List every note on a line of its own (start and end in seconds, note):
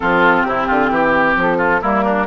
0.00 0.44 F3
0.00 1.82 C4
0.00 0.46 F4
0.00 0.42 A4
0.42 0.67 C3
0.42 0.67 E4
0.42 1.33 G4
0.67 0.89 D3
0.67 0.89 F4
0.89 1.35 E3
0.89 1.57 G4
1.36 1.82 F3
1.36 1.82 A4
1.57 1.80 F4
1.81 2.27 G3
1.81 2.27 A#3
1.81 2.03 E4
1.81 2.27 A#4
2.03 2.26 D4